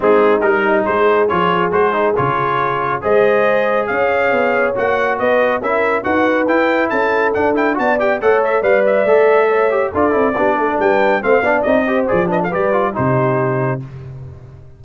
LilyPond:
<<
  \new Staff \with { instrumentName = "trumpet" } { \time 4/4 \tempo 4 = 139 gis'4 ais'4 c''4 cis''4 | c''4 cis''2 dis''4~ | dis''4 f''2 fis''4 | dis''4 e''4 fis''4 g''4 |
a''4 fis''8 g''8 a''8 g''8 fis''8 e''8 | f''8 e''2~ e''8 d''4~ | d''4 g''4 f''4 dis''4 | d''8 dis''16 f''16 d''4 c''2 | }
  \new Staff \with { instrumentName = "horn" } { \time 4/4 dis'2 gis'2~ | gis'2. c''4~ | c''4 cis''2. | b'4 ais'4 b'2 |
a'2 d''4 cis''4 | d''2 cis''4 a'4 | g'8 a'8 b'4 c''8 d''4 c''8~ | c''8 b'16 a'16 b'4 g'2 | }
  \new Staff \with { instrumentName = "trombone" } { \time 4/4 c'4 dis'2 f'4 | fis'8 dis'8 f'2 gis'4~ | gis'2. fis'4~ | fis'4 e'4 fis'4 e'4~ |
e'4 d'8 e'8 fis'8 g'8 a'4 | b'4 a'4. g'8 f'8 e'8 | d'2 c'8 d'8 dis'8 g'8 | gis'8 d'8 g'8 f'8 dis'2 | }
  \new Staff \with { instrumentName = "tuba" } { \time 4/4 gis4 g4 gis4 f4 | gis4 cis2 gis4~ | gis4 cis'4 b4 ais4 | b4 cis'4 dis'4 e'4 |
cis'4 d'4 b4 a4 | g4 a2 d'8 c'8 | b8 a8 g4 a8 b8 c'4 | f4 g4 c2 | }
>>